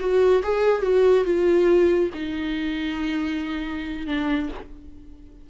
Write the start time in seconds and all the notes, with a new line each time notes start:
0.00 F#4
0.43 G#4
0.82 F#4
1.25 F4
2.14 D#4
4.07 D4